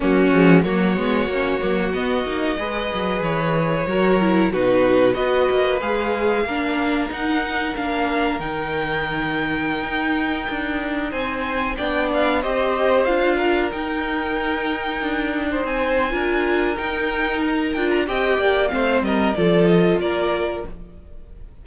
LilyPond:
<<
  \new Staff \with { instrumentName = "violin" } { \time 4/4 \tempo 4 = 93 fis'4 cis''2 dis''4~ | dis''4 cis''2 b'4 | dis''4 f''2 fis''4 | f''4 g''2.~ |
g''4~ g''16 gis''4 g''8 f''8 dis''8.~ | dis''16 f''4 g''2~ g''8.~ | g''16 gis''4.~ gis''16 g''4 ais''8 g''16 ais''16 | g''4 f''8 dis''8 d''8 dis''8 d''4 | }
  \new Staff \with { instrumentName = "violin" } { \time 4/4 cis'4 fis'2. | b'2 ais'4 fis'4 | b'2 ais'2~ | ais'1~ |
ais'4~ ais'16 c''4 d''4 c''8.~ | c''8. ais'2.~ ais'16 | c''4 ais'2. | dis''8 d''8 c''8 ais'8 a'4 ais'4 | }
  \new Staff \with { instrumentName = "viola" } { \time 4/4 ais8 gis8 ais8 b8 cis'8 ais8 b8 dis'8 | gis'2 fis'8 e'8 dis'4 | fis'4 gis'4 d'4 dis'4 | d'4 dis'2.~ |
dis'2~ dis'16 d'4 g'8.~ | g'16 f'4 dis'2~ dis'8.~ | dis'4 f'4 dis'4. f'8 | g'4 c'4 f'2 | }
  \new Staff \with { instrumentName = "cello" } { \time 4/4 fis8 f8 fis8 gis8 ais8 fis8 b8 ais8 | gis8 fis8 e4 fis4 b,4 | b8 ais8 gis4 ais4 dis'4 | ais4 dis2~ dis16 dis'8.~ |
dis'16 d'4 c'4 b4 c'8.~ | c'16 d'4 dis'2 d'8.~ | d'16 c'8. d'4 dis'4. d'8 | c'8 ais8 a8 g8 f4 ais4 | }
>>